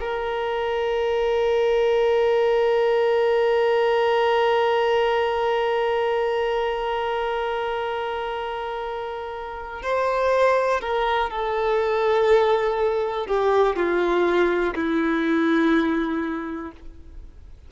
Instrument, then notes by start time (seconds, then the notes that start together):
violin
0.00 A#4
9.83 C5
10.81 A#4
11.30 A4
13.27 G4
13.76 F4
14.75 E4